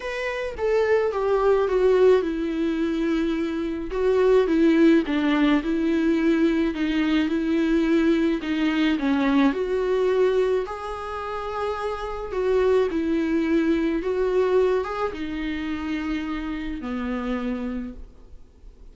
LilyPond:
\new Staff \with { instrumentName = "viola" } { \time 4/4 \tempo 4 = 107 b'4 a'4 g'4 fis'4 | e'2. fis'4 | e'4 d'4 e'2 | dis'4 e'2 dis'4 |
cis'4 fis'2 gis'4~ | gis'2 fis'4 e'4~ | e'4 fis'4. gis'8 dis'4~ | dis'2 b2 | }